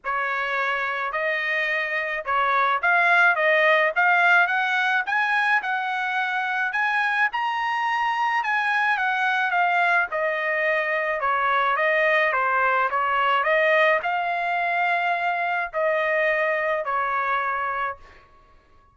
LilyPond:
\new Staff \with { instrumentName = "trumpet" } { \time 4/4 \tempo 4 = 107 cis''2 dis''2 | cis''4 f''4 dis''4 f''4 | fis''4 gis''4 fis''2 | gis''4 ais''2 gis''4 |
fis''4 f''4 dis''2 | cis''4 dis''4 c''4 cis''4 | dis''4 f''2. | dis''2 cis''2 | }